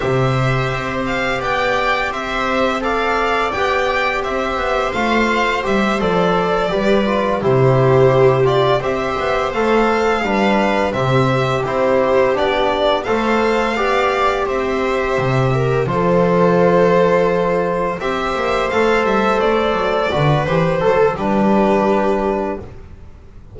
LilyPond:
<<
  \new Staff \with { instrumentName = "violin" } { \time 4/4 \tempo 4 = 85 e''4. f''8 g''4 e''4 | f''4 g''4 e''4 f''4 | e''8 d''2 c''4. | d''8 e''4 f''2 e''8~ |
e''8 c''4 d''4 f''4.~ | f''8 e''2 c''4.~ | c''4. e''4 f''8 e''8 d''8~ | d''4 c''4 b'2 | }
  \new Staff \with { instrumentName = "viola" } { \time 4/4 c''2 d''4 c''4 | d''2 c''2~ | c''4. b'4 g'4.~ | g'8 c''2 b'4 g'8~ |
g'2~ g'8 c''4 d''8~ | d''8 c''4. ais'8 a'4.~ | a'4. c''2~ c''8~ | c''8 b'4 a'8 g'2 | }
  \new Staff \with { instrumentName = "trombone" } { \time 4/4 g'1 | a'4 g'2 f'4 | g'8 a'4 g'8 f'8 e'4. | f'8 g'4 a'4 d'4 c'8~ |
c'8 e'4 d'4 a'4 g'8~ | g'2~ g'8 f'4.~ | f'4. g'4 a'4.~ | a'8 fis'8 g'8 a'8 d'2 | }
  \new Staff \with { instrumentName = "double bass" } { \time 4/4 c4 c'4 b4 c'4~ | c'4 b4 c'8 b8 a4 | g8 f4 g4 c4.~ | c8 c'8 b8 a4 g4 c8~ |
c8 c'4 b4 a4 b8~ | b8 c'4 c4 f4.~ | f4. c'8 ais8 a8 g8 a8 | fis8 d8 e8 fis8 g2 | }
>>